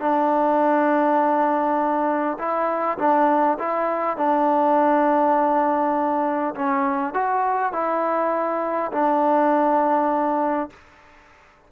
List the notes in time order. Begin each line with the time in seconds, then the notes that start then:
0.00 D4
2.38 E4
2.98 D4
3.59 E4
4.17 D4
6.55 C#4
7.14 F#4
7.73 E4
8.92 D4